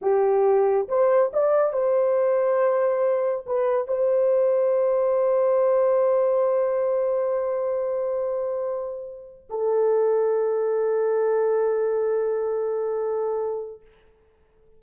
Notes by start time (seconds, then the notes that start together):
0.01 G4
0.88 C5
1.33 D5
1.72 C5
3.46 B4
3.87 C5
9.49 A4